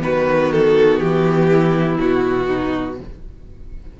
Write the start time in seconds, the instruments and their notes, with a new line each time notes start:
0.00 cello D#3, viola B3, violin F#4 B4
0.52 violin A4
1.00 cello E3, violin G4
1.50 violin E4
1.99 cello B2, violin F#4
2.47 violin D#4